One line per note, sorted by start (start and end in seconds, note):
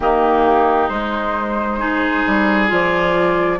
0.00 0.89 D#3
0.00 0.90 A#3
0.00 1.79 D#4
0.00 0.88 G4
0.88 2.23 G#3
0.88 1.78 G#3
0.88 2.67 C5
1.78 2.67 D#4
1.78 3.58 G#4
2.26 2.71 G3
2.67 3.59 F3
2.67 3.57 F4
2.67 3.59 D5